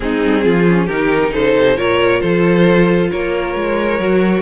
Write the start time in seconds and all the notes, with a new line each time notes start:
0.00 G#3 C4 D#4 G#4
0.24 G3
0.43 F3 F4
0.67 C#4
0.85 D#3 D#4 G4 A#4
1.32 C#3 A4 C5
1.56 C3
1.76 A#2 F4 A#4 C#5
2.20 F3 A4 C5
3.11 A#3 A#4 C#5
3.55 G#3
3.99 F#3 F#4